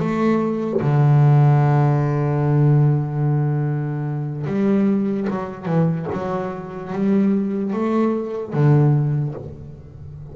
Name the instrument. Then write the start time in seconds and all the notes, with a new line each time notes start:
double bass
0.00 A3
0.82 D3
4.47 G3
5.30 F#3
5.66 E3
6.13 F#3
6.93 G3
7.74 A3
8.54 D3